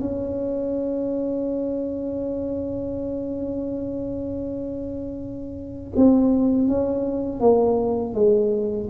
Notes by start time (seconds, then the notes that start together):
0.00 C#4
5.96 C4
6.68 C#4
7.40 A#3
8.14 G#3